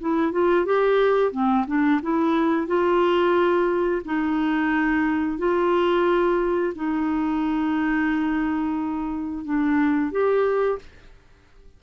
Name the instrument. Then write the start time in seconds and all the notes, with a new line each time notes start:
clarinet
0.00 E4
0.32 F4
0.65 G4
1.32 C4
1.67 D4
2.02 E4
2.67 F4
4.05 D#4
5.38 F4
6.75 D#4
9.44 D4
10.11 G4